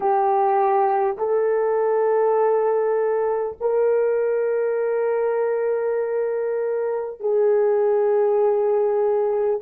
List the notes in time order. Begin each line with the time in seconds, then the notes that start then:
0.00 G4
1.17 A4
3.60 A#4
7.20 G#4